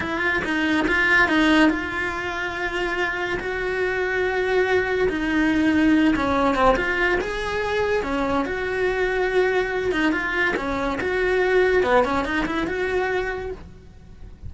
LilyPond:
\new Staff \with { instrumentName = "cello" } { \time 4/4 \tempo 4 = 142 f'4 dis'4 f'4 dis'4 | f'1 | fis'1 | dis'2~ dis'8 cis'4 c'8 |
f'4 gis'2 cis'4 | fis'2.~ fis'8 dis'8 | f'4 cis'4 fis'2 | b8 cis'8 dis'8 e'8 fis'2 | }